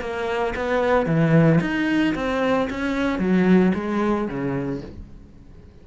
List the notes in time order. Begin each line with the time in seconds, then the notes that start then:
0.00 A#3
0.55 B3
1.06 E3
1.60 D#4
2.15 C4
2.70 C#4
3.19 F#3
3.74 G#3
4.28 C#3